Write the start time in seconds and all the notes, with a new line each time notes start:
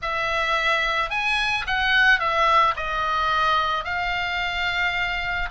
0.02 E5
1.10 G#5
1.66 F#5
2.19 E5
2.76 D#5
3.84 F5